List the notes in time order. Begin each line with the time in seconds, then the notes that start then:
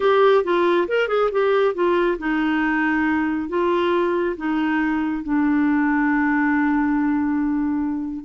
0.00 G4
0.43 F4
0.87 A#4
1.08 G#4
1.31 G4
1.74 F4
2.18 D#4
3.49 F4
4.37 D#4
5.23 D4